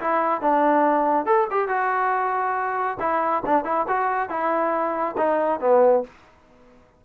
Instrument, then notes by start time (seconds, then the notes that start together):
trombone
0.00 E4
0.41 D4
1.25 A4
1.50 G4
1.68 F#4
3.00 E4
3.46 D4
3.64 E4
3.88 F#4
4.29 E4
5.17 D#4
5.60 B3